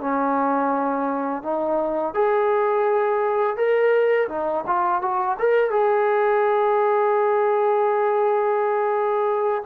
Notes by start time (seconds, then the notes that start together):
0.00 C#4
1.42 D#4
2.14 G#4
3.56 A#4
4.28 D#4
4.66 F4
5.01 F#4
5.38 A#4
5.70 G#4